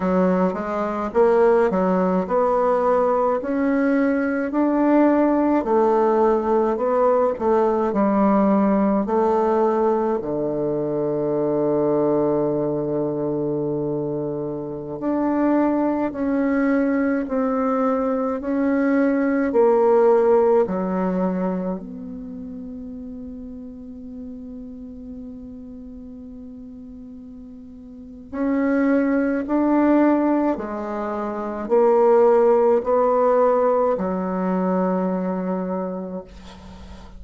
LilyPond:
\new Staff \with { instrumentName = "bassoon" } { \time 4/4 \tempo 4 = 53 fis8 gis8 ais8 fis8 b4 cis'4 | d'4 a4 b8 a8 g4 | a4 d2.~ | d4~ d16 d'4 cis'4 c'8.~ |
c'16 cis'4 ais4 fis4 b8.~ | b1~ | b4 cis'4 d'4 gis4 | ais4 b4 fis2 | }